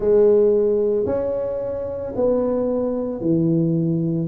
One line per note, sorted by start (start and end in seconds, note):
0.00 1.06 G#3
1.06 2.13 C#4
2.15 3.20 B3
3.20 4.28 E3